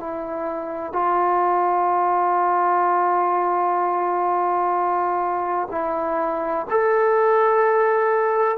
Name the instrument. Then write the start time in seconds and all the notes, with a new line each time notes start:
trombone
0.00 E4
0.93 F4
5.71 E4
6.71 A4